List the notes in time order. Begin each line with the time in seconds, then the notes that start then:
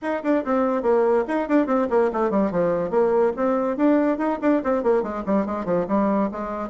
0.02 D#4
0.23 D4
0.44 C4
0.82 A#3
1.27 D#4
1.48 D4
1.66 C4
1.90 A#3
2.12 A3
2.30 G3
2.51 F3
2.90 A#3
3.36 C4
3.76 D4
4.17 D#4
4.41 D4
4.63 C4
4.83 A#3
5.02 G#3
5.26 G3
5.45 G#3
5.65 F3
5.88 G3
6.31 G#3